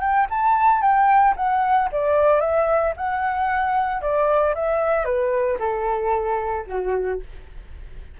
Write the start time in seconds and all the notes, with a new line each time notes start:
0.00 G5
0.30 A5
0.81 G5
1.36 F#5
1.92 D5
2.40 E5
2.97 F#5
4.01 D5
4.54 E5
5.04 B4
5.59 A4
6.67 F#4